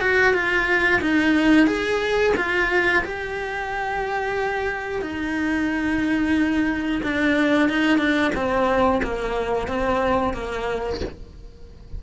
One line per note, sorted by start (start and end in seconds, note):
0.00 0.33 F#4
0.33 1.00 F4
1.01 1.67 D#4
1.67 2.33 G#4
2.37 3.03 F4
3.04 5.02 G4
5.02 7.02 D#4
7.03 7.69 D4
7.69 7.98 D#4
7.98 8.31 D4
8.35 9.02 C4
9.03 9.68 A#3
9.68 10.33 C4
10.33 11.00 A#3